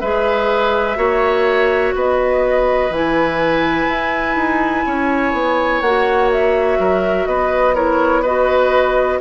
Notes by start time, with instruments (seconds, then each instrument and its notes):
0.00 bassoon G#3, clarinet G#4, oboe B4, flute E5
0.96 bassoon A#3, clarinet F#4, oboe C#5
1.94 bassoon B3, oboe B4, flute D#5
2.90 bassoon E3, clarinet E4, flute G#5
3.88 bassoon E4
4.35 bassoon D#4
4.86 bassoon C#4, oboe C#5
5.33 bassoon B3
5.81 bassoon A#3, clarinet F#4, flute F#5
6.31 flute E5
6.78 bassoon F#3, oboe A#4
7.26 bassoon B3, oboe B4, flute D#5
7.74 clarinet E4, oboe A#4, flute C#5
8.22 clarinet F#4, oboe B4, flute D#5